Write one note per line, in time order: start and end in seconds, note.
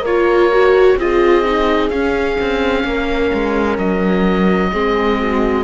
0.00 0.94 A#3
0.00 0.95 A#4
0.00 0.99 C#5
0.06 0.52 F4
0.52 0.99 F#4
0.97 1.90 C4
0.97 1.44 F4
0.97 2.87 G#4
0.97 1.90 D#5
1.44 1.91 D#4
1.90 2.37 C#4
1.90 4.72 C#4
1.90 3.77 F5
2.41 2.84 C4
2.84 3.31 A#3
2.84 4.71 A#4
3.33 3.78 G#3
3.78 4.71 F#3
3.78 5.63 D#5
4.71 5.63 G#3
4.71 5.63 C4
4.71 5.18 G#4
5.20 5.63 F#4